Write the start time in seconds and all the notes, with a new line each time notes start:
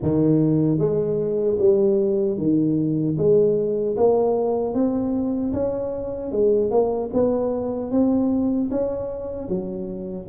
0.02 D#3
0.78 G#3
1.59 G3
2.37 D#3
3.17 G#3
3.97 A#3
4.74 C4
5.53 C#4
6.31 G#3
6.70 A#3
7.13 B3
7.91 C4
8.70 C#4
9.48 F#3